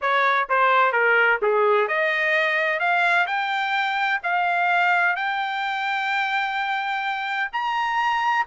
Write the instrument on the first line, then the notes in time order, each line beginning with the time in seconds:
trumpet
0.01 C#5
0.49 C5
0.92 A#4
1.42 G#4
1.87 D#5
2.79 F5
3.27 G5
4.23 F5
5.16 G5
7.52 A#5